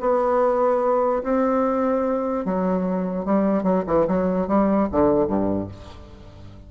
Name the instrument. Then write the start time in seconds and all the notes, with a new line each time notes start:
bassoon
0.00 B3
1.23 C4
2.45 F#3
3.25 G3
3.63 F#3
3.86 E3
4.07 F#3
4.47 G3
4.91 D3
5.27 G2